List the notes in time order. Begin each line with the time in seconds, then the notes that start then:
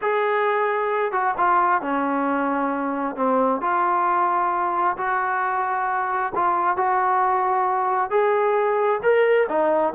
0.01 G#4
1.12 F#4
1.37 F4
1.81 C#4
3.16 C4
3.61 F4
4.97 F#4
6.35 F4
6.76 F#4
8.10 G#4
9.02 A#4
9.48 D#4